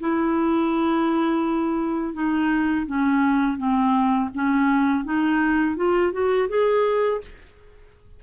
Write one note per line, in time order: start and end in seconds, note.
0.00 2.14 E4
2.14 2.86 D#4
2.87 3.58 C#4
3.58 4.30 C4
4.34 5.04 C#4
5.04 5.76 D#4
5.76 6.12 F4
6.12 6.48 F#4
6.49 7.21 G#4